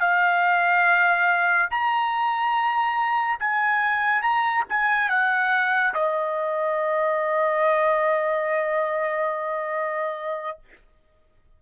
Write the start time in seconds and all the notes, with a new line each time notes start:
0.00 F5
1.70 A#5
3.40 G#5
4.22 A#5
4.69 G#5
5.09 F#5
5.94 D#5